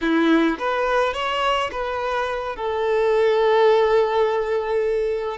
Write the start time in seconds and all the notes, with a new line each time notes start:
0.01 E4
0.58 B4
1.13 C#5
1.71 B4
2.55 A4